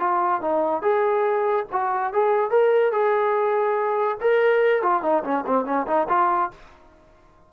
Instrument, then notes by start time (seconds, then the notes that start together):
trombone
0.00 F4
0.42 D#4
0.82 G#4
1.72 F#4
2.14 G#4
2.51 A#4
2.92 G#4
4.21 A#4
4.83 F4
5.03 D#4
5.24 C#4
5.47 C4
5.66 C#4
5.87 D#4
6.09 F4